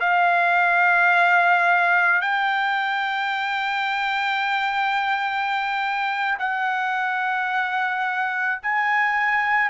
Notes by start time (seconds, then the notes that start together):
0.00 F5
2.21 G5
6.39 F#5
8.63 G#5